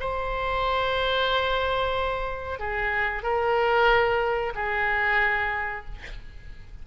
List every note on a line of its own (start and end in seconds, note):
0.00 2.59 C5
2.59 3.23 G#4
3.23 4.53 A#4
4.54 5.85 G#4